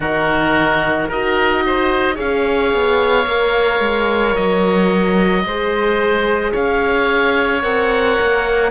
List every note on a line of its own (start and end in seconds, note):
0.00 1.08 D#3
0.00 1.10 D#4
0.00 1.08 F#4
0.00 1.10 A#4
1.08 2.17 D#4
1.08 2.15 F#4
1.08 1.63 A#4
1.08 2.18 D#5
1.66 2.15 C5
2.15 2.73 C#4
2.15 3.24 G#4
2.15 5.42 C#5
2.15 4.35 F5
2.73 3.25 B3
3.25 3.79 A#3
3.25 5.46 A#4
3.79 4.34 G#3
4.35 5.44 F#3
4.35 6.53 D#5
5.44 6.53 G#3
5.44 7.62 G#4
5.44 6.52 C5
6.52 7.63 C#4
6.52 8.70 C#5
6.52 7.62 F5
7.62 8.17 C4
7.62 8.71 A#4
7.62 8.71 F#5
8.20 8.71 A#3